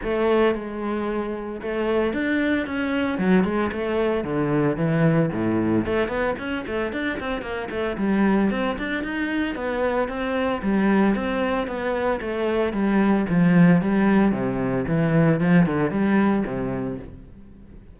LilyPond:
\new Staff \with { instrumentName = "cello" } { \time 4/4 \tempo 4 = 113 a4 gis2 a4 | d'4 cis'4 fis8 gis8 a4 | d4 e4 a,4 a8 b8 | cis'8 a8 d'8 c'8 ais8 a8 g4 |
c'8 d'8 dis'4 b4 c'4 | g4 c'4 b4 a4 | g4 f4 g4 c4 | e4 f8 d8 g4 c4 | }